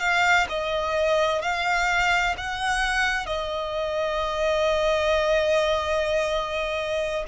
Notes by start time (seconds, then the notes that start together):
0.00 F5
0.49 D#5
1.42 F5
2.37 F#5
3.26 D#5